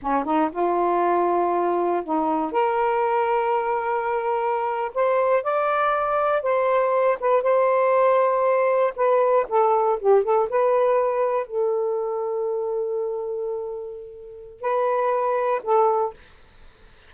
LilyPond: \new Staff \with { instrumentName = "saxophone" } { \time 4/4 \tempo 4 = 119 cis'8 dis'8 f'2. | dis'4 ais'2.~ | ais'4.~ ais'16 c''4 d''4~ d''16~ | d''8. c''4. b'8 c''4~ c''16~ |
c''4.~ c''16 b'4 a'4 g'16~ | g'16 a'8 b'2 a'4~ a'16~ | a'1~ | a'4 b'2 a'4 | }